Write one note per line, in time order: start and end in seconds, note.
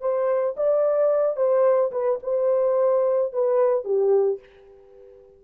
0.00 0.55 C5
0.57 1.36 D5
1.36 1.91 C5
1.91 2.19 B4
2.23 3.33 C5
3.33 3.84 B4
3.84 4.39 G4